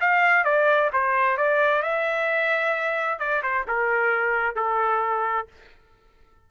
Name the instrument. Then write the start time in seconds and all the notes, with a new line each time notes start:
trumpet
0.00 F5
0.44 D5
0.92 C5
1.37 D5
1.82 E5
3.19 D5
3.42 C5
3.67 A#4
4.55 A4